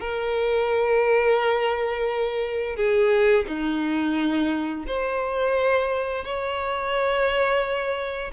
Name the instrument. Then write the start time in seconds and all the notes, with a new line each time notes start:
violin
0.00 A#4
2.76 G#4
3.47 D#4
4.87 C5
6.24 C#5